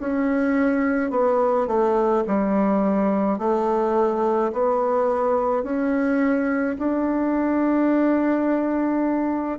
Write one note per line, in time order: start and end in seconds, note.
0.00 1.11 C#4
1.11 1.67 B3
1.67 2.24 A3
2.27 3.39 G3
3.39 4.52 A3
4.53 5.63 B3
5.63 6.77 C#4
6.79 9.59 D4